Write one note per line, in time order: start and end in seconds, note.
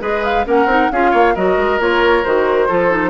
0.00 0.46 G#3
0.00 0.44 G#4
0.00 0.46 B4
0.00 0.24 D#5
0.24 0.46 F5
0.46 0.66 A#3
0.46 0.68 C#4
0.46 0.92 A#4
0.46 0.92 F#5
0.66 0.88 C4
0.66 0.91 D#4
0.92 1.14 C#4
0.92 1.36 F4
0.92 1.11 G#4
0.92 1.36 F5
1.11 1.36 A#3
1.11 1.34 C#5
1.35 1.57 F#3
1.35 1.80 F#4
1.35 2.68 A#4
1.35 1.81 D#5
1.57 1.79 G#3
1.80 2.24 A#3
1.80 2.24 F4
1.80 2.24 C#5
2.24 2.70 D#3
2.24 2.69 F#4
2.24 3.10 C5
2.69 3.10 F3
2.69 2.90 F4
2.69 3.10 A4
2.90 3.10 D#4